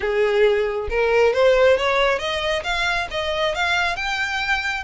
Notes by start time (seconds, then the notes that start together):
0.00 G#4
0.89 A#4
1.33 C5
1.77 C#5
2.18 D#5
2.63 F5
3.10 D#5
3.55 F5
3.95 G5